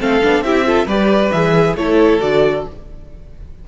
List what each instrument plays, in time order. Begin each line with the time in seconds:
0.00 cello A3, viola C4, violin A4 F5
0.23 cello B3, viola D4
0.42 cello C4, viola E4, violin G4 E5
0.66 viola F4, violin A4
0.86 cello G3, viola G4, violin B4 D5
1.32 cello E3, viola G#4, violin E5
1.76 cello A3, viola E4, violin A4 C#5
2.21 cello D3, viola F#4, violin D5